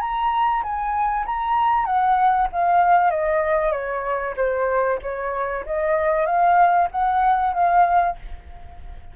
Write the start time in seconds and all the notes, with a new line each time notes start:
0.00 A#5
0.63 G#5
1.26 A#5
1.85 F#5
2.52 F5
3.10 D#5
3.72 C#5
4.36 C5
5.02 C#5
5.65 D#5
6.25 F5
6.91 F#5
7.53 F5